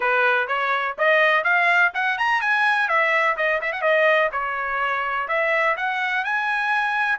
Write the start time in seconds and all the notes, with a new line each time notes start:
0.00 B4
0.47 C#5
0.98 D#5
1.44 F5
1.94 F#5
2.18 A#5
2.41 G#5
2.88 E5
3.36 D#5
3.61 E5
3.72 F#5
3.81 D#5
4.32 C#5
5.28 E5
5.76 F#5
6.24 G#5